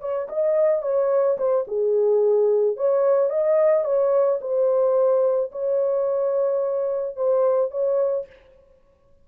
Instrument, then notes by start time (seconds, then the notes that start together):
horn
0.00 C#5
0.29 D#5
0.82 C#5
1.37 C5
1.67 G#4
2.76 C#5
3.30 D#5
3.84 C#5
4.41 C5
5.52 C#5
7.16 C5
7.71 C#5